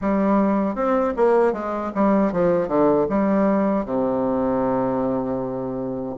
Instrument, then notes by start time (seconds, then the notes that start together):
bassoon
0.01 G3
0.75 C4
1.16 A#3
1.52 G#3
1.94 G3
2.32 F3
2.68 D3
3.09 G3
3.85 C3